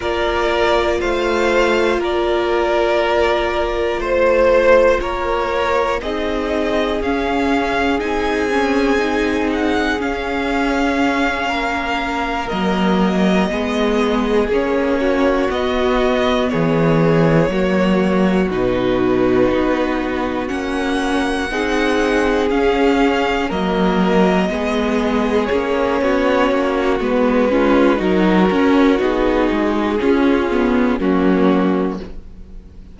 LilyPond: <<
  \new Staff \with { instrumentName = "violin" } { \time 4/4 \tempo 4 = 60 d''4 f''4 d''2 | c''4 cis''4 dis''4 f''4 | gis''4. fis''8 f''2~ | f''8 dis''2 cis''4 dis''8~ |
dis''8 cis''2 b'4.~ | b'8 fis''2 f''4 dis''8~ | dis''4. cis''4. b'4 | ais'4 gis'2 fis'4 | }
  \new Staff \with { instrumentName = "violin" } { \time 4/4 ais'4 c''4 ais'2 | c''4 ais'4 gis'2~ | gis'2.~ gis'8 ais'8~ | ais'4. gis'4. fis'4~ |
fis'8 gis'4 fis'2~ fis'8~ | fis'4. gis'2 ais'8~ | ais'8 gis'4. fis'4. f'8 | fis'2 f'4 cis'4 | }
  \new Staff \with { instrumentName = "viola" } { \time 4/4 f'1~ | f'2 dis'4 cis'4 | dis'8 cis'8 dis'4 cis'2~ | cis'8 ais4 b4 cis'4 b8~ |
b4. ais4 dis'4.~ | dis'8 cis'4 dis'4 cis'4 ais8~ | ais8 b4 cis'4. b8 cis'8 | dis'8 cis'8 dis'4 cis'8 b8 ais4 | }
  \new Staff \with { instrumentName = "cello" } { \time 4/4 ais4 a4 ais2 | a4 ais4 c'4 cis'4 | c'2 cis'4. ais8~ | ais8 fis4 gis4 ais4 b8~ |
b8 e4 fis4 b,4 b8~ | b8 ais4 c'4 cis'4 fis8~ | fis8 gis4 ais8 b8 ais8 gis4 | fis8 cis'8 b8 gis8 cis'4 fis4 | }
>>